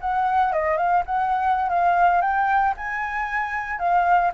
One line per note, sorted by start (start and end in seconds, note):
0.00 0.52 F#5
0.52 0.77 D#5
0.77 1.03 F5
1.05 1.69 F#5
1.69 2.21 F5
2.21 2.74 G5
2.77 3.78 G#5
3.78 4.31 F5